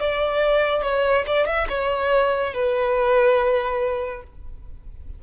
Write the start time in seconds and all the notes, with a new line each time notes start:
0.00 D5
0.83 C#5
1.27 D5
1.47 E5
1.70 C#5
2.54 B4